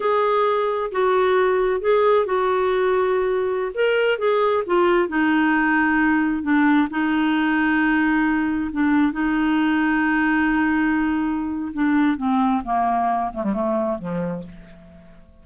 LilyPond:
\new Staff \with { instrumentName = "clarinet" } { \time 4/4 \tempo 4 = 133 gis'2 fis'2 | gis'4 fis'2.~ | fis'16 ais'4 gis'4 f'4 dis'8.~ | dis'2~ dis'16 d'4 dis'8.~ |
dis'2.~ dis'16 d'8.~ | d'16 dis'2.~ dis'8.~ | dis'2 d'4 c'4 | ais4. a16 g16 a4 f4 | }